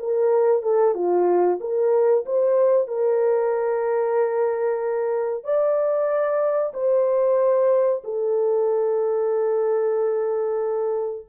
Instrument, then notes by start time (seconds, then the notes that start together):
horn
0.00 A#4
0.63 A4
0.95 F4
1.61 A#4
2.26 C5
2.88 A#4
5.44 D5
6.74 C5
8.04 A4